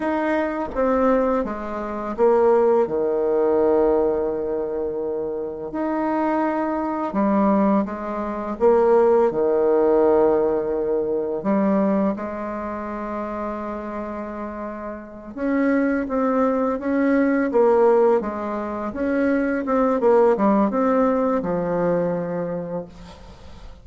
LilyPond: \new Staff \with { instrumentName = "bassoon" } { \time 4/4 \tempo 4 = 84 dis'4 c'4 gis4 ais4 | dis1 | dis'2 g4 gis4 | ais4 dis2. |
g4 gis2.~ | gis4. cis'4 c'4 cis'8~ | cis'8 ais4 gis4 cis'4 c'8 | ais8 g8 c'4 f2 | }